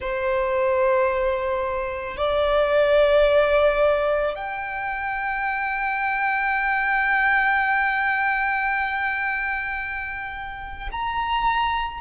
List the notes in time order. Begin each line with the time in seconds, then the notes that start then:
0.00 C5
2.17 D5
4.35 G5
10.91 A#5